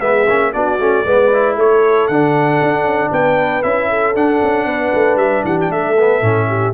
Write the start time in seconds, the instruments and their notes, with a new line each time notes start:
0.00 tuba G#3, trombone B3, horn G#4, trumpet E5
0.27 tuba A#3, trombone C#4
0.53 tuba B3, trombone D4, horn F#4, trumpet D5
0.79 tuba A3, trombone C#4
1.05 tuba G#3, trombone B3, horn B4
1.33 trombone E4
1.55 tuba A3, horn A4, trumpet C#5
2.07 tuba D3, trombone D4, trumpet F#5
2.61 tuba D4
2.84 tuba C#4
3.11 tuba B3, horn B4, trumpet G5
3.62 tuba C#4, trombone E4, trumpet E5
3.89 horn A4
4.15 tuba D4, trombone D4, trumpet F#5
4.42 tuba C#4
4.65 tuba B3, horn B4
4.94 tuba A3
5.15 tuba G3, trumpet E5
5.44 tuba E3, horn G4, trumpet F#5
5.60 trumpet G5
5.69 tuba A3, horn A4, trumpet E5
5.98 trombone B3
6.21 tuba A2, trombone C#4
6.48 horn G4